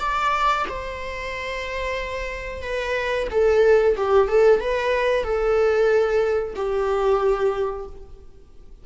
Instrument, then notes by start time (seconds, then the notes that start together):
viola
0.00 D5
0.69 C5
2.62 B4
3.31 A4
3.97 G4
4.28 A4
4.60 B4
5.24 A4
6.56 G4